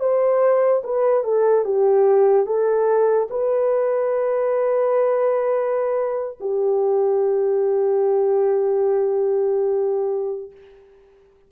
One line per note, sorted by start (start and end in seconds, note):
0.00 0.82 C5
0.84 1.24 B4
1.24 1.65 A4
1.65 2.47 G4
2.47 3.29 A4
3.30 6.38 B4
6.41 10.52 G4